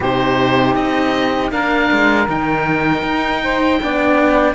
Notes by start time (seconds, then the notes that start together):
0.00 C3 D#4 G4 C5
0.75 C4 D#5
1.51 A#3 D4 A#4 F5
1.91 G#3
2.28 D#3 D#4 G5
3.02 D#4
3.42 C5
3.81 B3 D4 D5